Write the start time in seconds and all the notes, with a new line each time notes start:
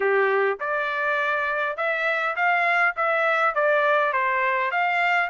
0.00 G4
0.60 D5
1.76 E5
2.36 F5
2.96 E5
3.54 D5
4.13 C5
4.71 F5